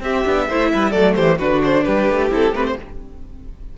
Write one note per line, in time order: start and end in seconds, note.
0.00 0.23 C4
0.00 0.25 C4
0.00 0.48 G4
0.00 0.91 E5
0.25 0.49 B3
0.25 0.48 D4
0.48 0.72 A3
0.48 0.94 E4
0.48 0.70 C5
0.73 0.93 G3
0.73 0.90 B4
0.90 1.16 F#3
0.90 1.40 A3
0.90 1.13 A4
0.90 1.14 D5
1.15 1.40 E3
1.15 1.38 G4
1.15 1.38 C5
1.38 1.86 D3
1.38 2.30 D4
1.38 1.84 F#4
1.38 1.62 B4
1.64 1.83 C5
1.83 2.09 G3
1.83 2.77 G4
1.83 2.29 B4
2.09 2.31 A3
2.30 2.52 C4
2.30 2.53 E4
2.30 2.55 A4
2.52 2.75 A3
2.52 2.77 C4
2.52 2.66 B4
2.66 2.78 C5